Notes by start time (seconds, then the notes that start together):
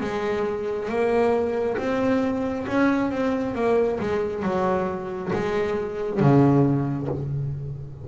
0.00 G#3
0.89 A#3
1.77 C4
2.67 C#4
3.10 C4
3.55 A#3
3.99 G#3
4.42 F#3
5.33 G#3
6.19 C#3